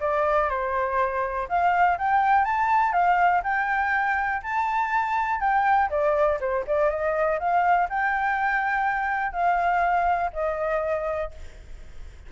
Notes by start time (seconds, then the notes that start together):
0.00 D5
0.49 C5
1.48 F5
1.98 G5
2.44 A5
2.92 F5
3.43 G5
4.42 A5
5.40 G5
5.90 D5
6.40 C5
6.67 D5
6.90 D#5
7.39 F5
7.89 G5
9.32 F5
10.33 D#5